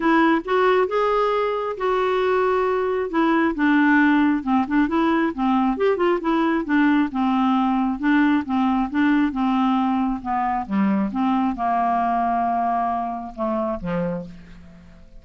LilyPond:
\new Staff \with { instrumentName = "clarinet" } { \time 4/4 \tempo 4 = 135 e'4 fis'4 gis'2 | fis'2. e'4 | d'2 c'8 d'8 e'4 | c'4 g'8 f'8 e'4 d'4 |
c'2 d'4 c'4 | d'4 c'2 b4 | g4 c'4 ais2~ | ais2 a4 f4 | }